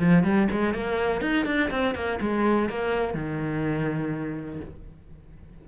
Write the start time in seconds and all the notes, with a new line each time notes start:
0.00 F3
0.24 G3
0.51 G#3
0.74 A#3
1.22 D#4
1.46 D4
1.71 C4
1.95 A#3
2.21 G#3
2.69 A#3
3.14 D#3